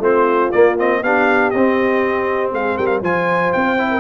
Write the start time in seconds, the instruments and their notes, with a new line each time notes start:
0.00 tuba A3, trombone C4, horn F4, trumpet C5
0.52 tuba A#3, trombone A#3, trumpet D5
0.78 trombone C4, trumpet D#5
1.03 tuba B3, trombone D4, horn G4, trumpet F5
1.51 tuba C4, trombone C4, trumpet D#5
2.53 tuba G#3, horn G#4, trumpet F5
2.77 tuba G3, horn A#4, trumpet G5
2.87 trumpet F5
3.02 tuba F3, trombone F4, horn C5, trumpet G#5
3.53 tuba C4, trumpet G5
3.79 trombone E4
3.91 horn A#4